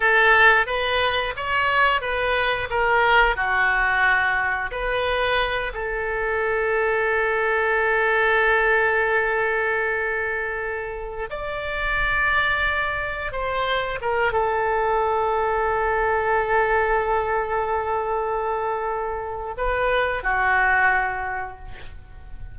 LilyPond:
\new Staff \with { instrumentName = "oboe" } { \time 4/4 \tempo 4 = 89 a'4 b'4 cis''4 b'4 | ais'4 fis'2 b'4~ | b'8 a'2.~ a'8~ | a'1~ |
a'8. d''2. c''16~ | c''8. ais'8 a'2~ a'8.~ | a'1~ | a'4 b'4 fis'2 | }